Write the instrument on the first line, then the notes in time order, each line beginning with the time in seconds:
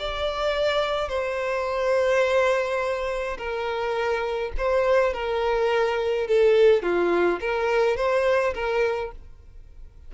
violin
0.00 D5
1.09 C5
3.38 A#4
4.58 C5
5.14 A#4
6.28 A4
6.83 F4
7.41 A#4
7.97 C5
8.55 A#4